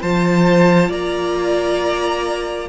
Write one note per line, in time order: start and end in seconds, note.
0.00 0.89 F3
0.00 2.68 F4
0.00 0.88 C5
0.00 0.91 A5
0.88 2.68 A#3
0.88 2.68 D5
0.88 2.68 A#5